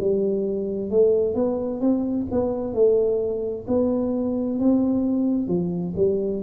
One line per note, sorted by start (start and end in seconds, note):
0.00 0.90 G3
0.90 1.34 A3
1.34 1.80 B3
1.80 2.26 C4
2.31 2.74 B3
2.74 3.66 A3
3.68 4.59 B3
4.59 5.48 C4
5.48 5.94 F3
5.97 6.42 G3